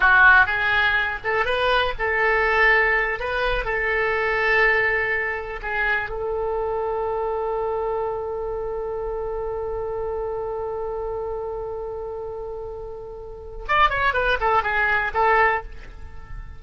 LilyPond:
\new Staff \with { instrumentName = "oboe" } { \time 4/4 \tempo 4 = 123 fis'4 gis'4. a'8 b'4 | a'2~ a'8 b'4 a'8~ | a'2.~ a'8 gis'8~ | gis'8 a'2.~ a'8~ |
a'1~ | a'1~ | a'1 | d''8 cis''8 b'8 a'8 gis'4 a'4 | }